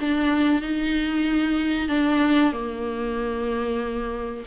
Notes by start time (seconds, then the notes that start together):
0.00 D4
0.62 D#4
1.89 D4
2.52 A#3